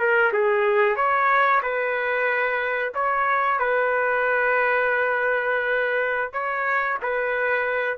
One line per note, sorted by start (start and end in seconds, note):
0.00 0.33 A#4
0.33 0.97 G#4
0.97 1.62 C#5
1.63 2.93 B4
2.95 3.60 C#5
3.60 6.33 B4
6.33 6.99 C#5
7.03 7.99 B4